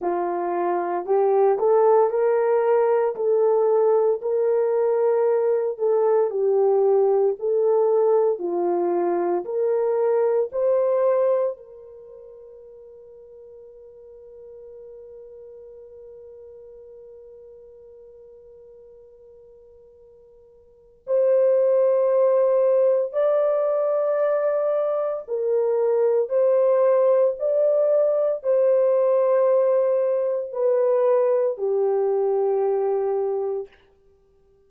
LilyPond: \new Staff \with { instrumentName = "horn" } { \time 4/4 \tempo 4 = 57 f'4 g'8 a'8 ais'4 a'4 | ais'4. a'8 g'4 a'4 | f'4 ais'4 c''4 ais'4~ | ais'1~ |
ais'1 | c''2 d''2 | ais'4 c''4 d''4 c''4~ | c''4 b'4 g'2 | }